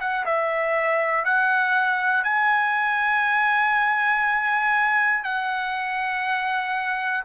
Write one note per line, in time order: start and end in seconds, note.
0.00 0.25 F#5
0.25 1.25 E5
1.25 2.24 F#5
2.24 5.24 G#5
5.24 7.24 F#5